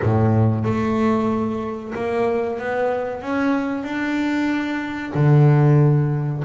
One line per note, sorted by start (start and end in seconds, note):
0.02 0.64 A2
0.64 1.93 A3
1.94 2.58 A#3
2.58 3.21 B3
3.21 3.83 C#4
3.83 5.12 D4
5.14 6.43 D3